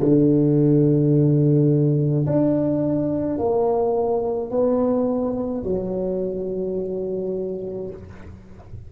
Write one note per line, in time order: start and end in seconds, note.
0.00 2.26 D3
2.27 3.39 D4
3.39 4.51 A#3
4.51 5.64 B3
5.64 7.90 F#3